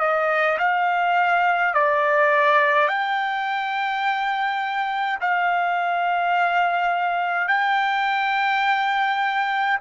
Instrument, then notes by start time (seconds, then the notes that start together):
trumpet
0.00 D#5
0.59 F5
1.74 D5
2.88 G5
5.21 F5
7.48 G5